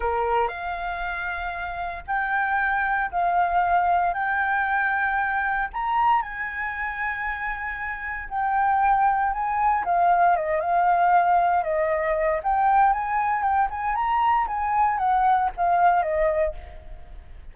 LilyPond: \new Staff \with { instrumentName = "flute" } { \time 4/4 \tempo 4 = 116 ais'4 f''2. | g''2 f''2 | g''2. ais''4 | gis''1 |
g''2 gis''4 f''4 | dis''8 f''2 dis''4. | g''4 gis''4 g''8 gis''8 ais''4 | gis''4 fis''4 f''4 dis''4 | }